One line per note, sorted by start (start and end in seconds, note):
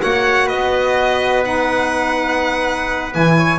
0.00 0.51 A#3
0.00 1.44 F#4
0.00 0.47 C#5
0.00 0.48 F#5
0.47 3.15 B3
0.47 3.35 B4
0.47 1.44 D#5
1.44 3.12 D#4
1.44 3.13 F#5
3.12 3.59 E3
3.12 3.59 E4
3.12 3.59 G#5
3.37 3.59 C#5